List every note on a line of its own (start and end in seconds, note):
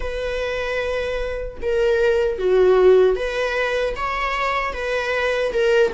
0.00 1.58 B4
1.61 2.38 A#4
2.38 3.16 F#4
3.16 3.95 B4
3.95 4.73 C#5
4.73 5.52 B4
5.52 5.92 A#4